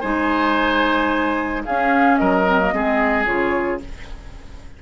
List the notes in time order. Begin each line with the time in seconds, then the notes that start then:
0.00 G#3 D#4 C5 G#5
1.65 C#4 G#4 F5
2.16 F#3 A#4 D#5
2.46 C4
2.60 A#3
2.72 G#3 C4 G#4
3.25 C#3 F4 C#5